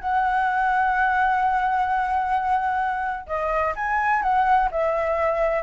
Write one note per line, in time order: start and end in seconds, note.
0.00 3.27 F#5
3.27 3.74 D#5
3.75 4.22 G#5
4.22 4.69 F#5
4.71 5.62 E5